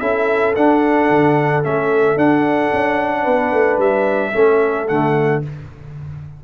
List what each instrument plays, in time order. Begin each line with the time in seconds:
0.00 tuba C#4, trombone E4, horn A4, trumpet E5
0.56 tuba D4, trombone D4, trumpet F#5
1.10 tuba D3
1.63 tuba A3, trombone C#4, trumpet E5
2.17 tuba D4, trombone D4, trumpet F#5
2.73 tuba C#4
3.22 tuba B3, horn B4
3.52 tuba A3
3.78 tuba G3, trumpet E5
4.33 tuba A3, trombone C#4, horn A4
4.88 tuba D3, trombone A3, trumpet F#5